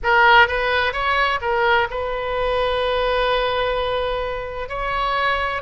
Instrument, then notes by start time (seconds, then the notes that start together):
oboe
0.03 A#4
0.47 B4
0.92 C#5
1.41 A#4
1.90 B4
4.68 C#5